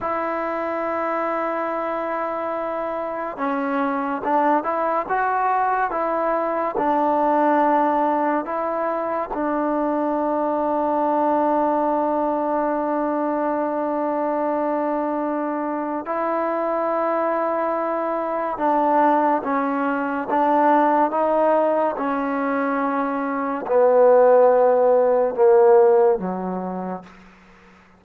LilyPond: \new Staff \with { instrumentName = "trombone" } { \time 4/4 \tempo 4 = 71 e'1 | cis'4 d'8 e'8 fis'4 e'4 | d'2 e'4 d'4~ | d'1~ |
d'2. e'4~ | e'2 d'4 cis'4 | d'4 dis'4 cis'2 | b2 ais4 fis4 | }